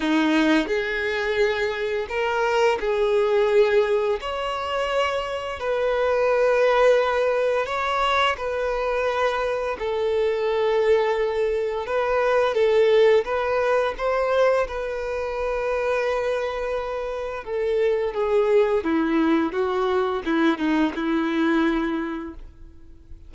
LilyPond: \new Staff \with { instrumentName = "violin" } { \time 4/4 \tempo 4 = 86 dis'4 gis'2 ais'4 | gis'2 cis''2 | b'2. cis''4 | b'2 a'2~ |
a'4 b'4 a'4 b'4 | c''4 b'2.~ | b'4 a'4 gis'4 e'4 | fis'4 e'8 dis'8 e'2 | }